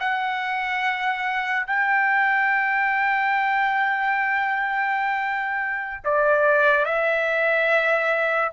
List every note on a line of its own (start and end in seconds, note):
0.00 1.66 F#5
1.66 6.04 G5
6.05 6.85 D5
6.85 8.52 E5